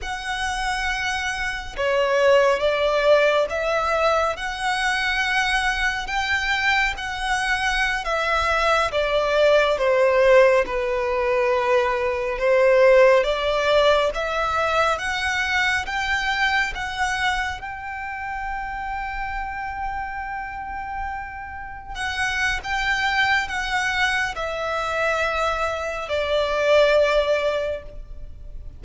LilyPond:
\new Staff \with { instrumentName = "violin" } { \time 4/4 \tempo 4 = 69 fis''2 cis''4 d''4 | e''4 fis''2 g''4 | fis''4~ fis''16 e''4 d''4 c''8.~ | c''16 b'2 c''4 d''8.~ |
d''16 e''4 fis''4 g''4 fis''8.~ | fis''16 g''2.~ g''8.~ | g''4~ g''16 fis''8. g''4 fis''4 | e''2 d''2 | }